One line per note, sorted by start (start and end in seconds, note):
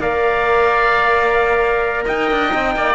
0.00 2.05 A#3
0.00 2.49 A#4
0.00 2.05 D5
0.00 2.06 F5
2.05 2.31 D#4
2.05 2.73 D#5
2.05 2.94 G5
2.31 2.54 D4
2.49 2.76 C4
2.49 2.94 D#4
2.76 2.94 A#3
2.76 2.94 D5